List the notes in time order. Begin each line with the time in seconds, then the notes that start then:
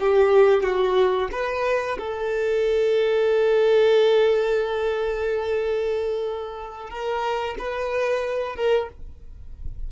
0.00 G4
0.64 F#4
1.32 B4
1.99 A4
6.90 A#4
7.59 B4
8.56 A#4